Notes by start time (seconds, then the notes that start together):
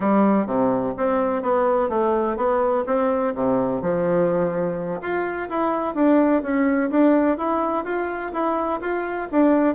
0.00 G3
0.46 C3
0.97 C4
1.42 B3
1.89 A3
2.36 B3
2.86 C4
3.34 C3
3.81 F3
5.01 F4
5.49 E4
5.94 D4
6.42 C#4
6.90 D4
7.37 E4
7.84 F4
8.32 E4
8.80 F4
9.31 D4